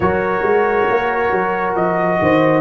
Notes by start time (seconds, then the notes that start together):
0.00 F#3 F#4 A#4 C#5
0.42 G#3
0.90 A#3
1.31 F#3
1.75 F3 D#5
2.21 D#3 C5